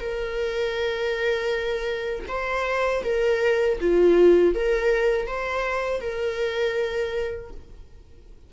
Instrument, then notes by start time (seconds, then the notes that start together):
viola
0.00 A#4
2.28 C5
3.04 A#4
3.80 F4
4.55 A#4
5.27 C5
6.01 A#4